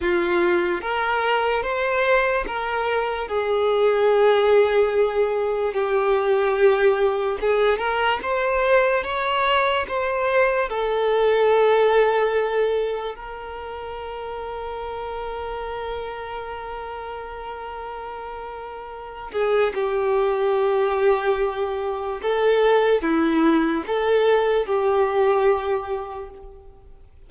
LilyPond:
\new Staff \with { instrumentName = "violin" } { \time 4/4 \tempo 4 = 73 f'4 ais'4 c''4 ais'4 | gis'2. g'4~ | g'4 gis'8 ais'8 c''4 cis''4 | c''4 a'2. |
ais'1~ | ais'2.~ ais'8 gis'8 | g'2. a'4 | e'4 a'4 g'2 | }